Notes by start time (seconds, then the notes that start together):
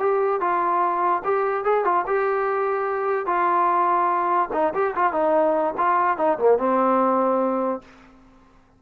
0.00 G4
0.41 F4
1.25 G4
1.65 G#4
1.85 F4
2.07 G4
3.27 F4
4.54 D#4
4.74 G4
4.96 F4
5.13 D#4
5.78 F4
6.18 D#4
6.39 A#3
6.59 C4